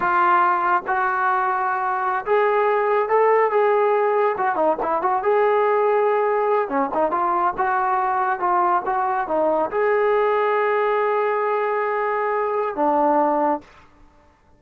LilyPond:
\new Staff \with { instrumentName = "trombone" } { \time 4/4 \tempo 4 = 141 f'2 fis'2~ | fis'4~ fis'16 gis'2 a'8.~ | a'16 gis'2 fis'8 dis'8 e'8 fis'16~ | fis'16 gis'2.~ gis'8 cis'16~ |
cis'16 dis'8 f'4 fis'2 f'16~ | f'8. fis'4 dis'4 gis'4~ gis'16~ | gis'1~ | gis'2 d'2 | }